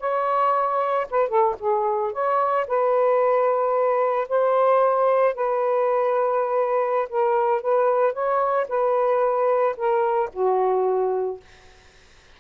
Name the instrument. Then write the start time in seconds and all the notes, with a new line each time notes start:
saxophone
0.00 C#5
1.10 B4
1.29 A4
1.60 G#4
2.13 C#5
2.67 B4
4.29 C5
5.35 B4
7.09 A#4
7.62 B4
8.13 C#5
8.69 B4
9.77 A#4
10.33 F#4